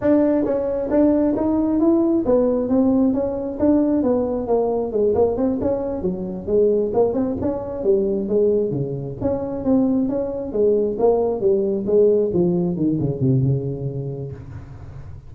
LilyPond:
\new Staff \with { instrumentName = "tuba" } { \time 4/4 \tempo 4 = 134 d'4 cis'4 d'4 dis'4 | e'4 b4 c'4 cis'4 | d'4 b4 ais4 gis8 ais8 | c'8 cis'4 fis4 gis4 ais8 |
c'8 cis'4 g4 gis4 cis8~ | cis8 cis'4 c'4 cis'4 gis8~ | gis8 ais4 g4 gis4 f8~ | f8 dis8 cis8 c8 cis2 | }